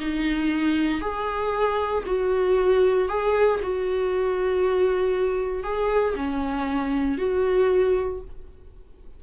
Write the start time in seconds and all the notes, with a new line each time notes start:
0.00 D#4
1.01 G#4
2.07 F#4
3.09 G#4
3.63 F#4
5.64 G#4
6.16 C#4
7.18 F#4